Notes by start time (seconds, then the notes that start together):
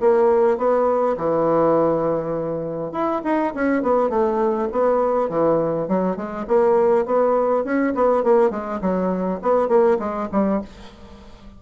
0.00 A#3
0.57 B3
1.17 E3
2.92 E4
3.24 D#4
3.55 C#4
3.82 B3
4.10 A3
4.72 B3
5.29 E3
5.88 F#3
6.16 G#3
6.47 A#3
7.06 B3
7.64 C#4
7.95 B3
8.23 A#3
8.50 G#3
8.81 F#3
9.42 B3
9.68 A#3
9.99 G#3
10.32 G3